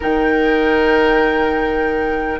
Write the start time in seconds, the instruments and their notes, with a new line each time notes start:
0.00 bassoon D#3, clarinet D#4, oboe A#4, flute G5